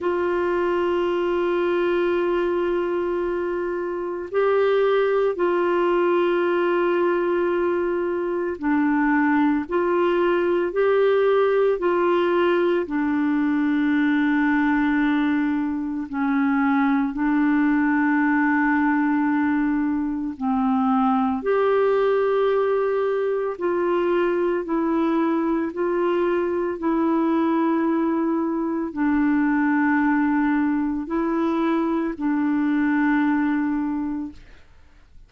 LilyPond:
\new Staff \with { instrumentName = "clarinet" } { \time 4/4 \tempo 4 = 56 f'1 | g'4 f'2. | d'4 f'4 g'4 f'4 | d'2. cis'4 |
d'2. c'4 | g'2 f'4 e'4 | f'4 e'2 d'4~ | d'4 e'4 d'2 | }